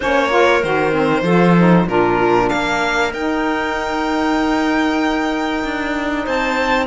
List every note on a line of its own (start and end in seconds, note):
0.00 0.63 A#3
0.00 0.30 C#4
0.00 0.30 C5
0.00 0.63 C#5
0.30 0.61 F4
0.30 1.24 A#4
0.63 1.22 D#3
0.63 0.91 F#4
0.63 1.88 C5
0.91 1.22 C4
1.22 1.85 F3
1.22 1.56 F4
1.22 1.86 A4
1.57 1.87 D#4
1.87 2.49 A#2
1.87 3.12 D4
1.87 2.51 F4
1.87 2.49 A#4
2.49 3.13 A#3
2.49 6.24 A#4
2.49 3.12 F5
3.13 5.63 D#4
3.13 6.86 D#4
3.13 6.26 G5
5.64 6.26 D4
6.24 6.86 C4
6.24 6.86 C5
6.24 6.86 A5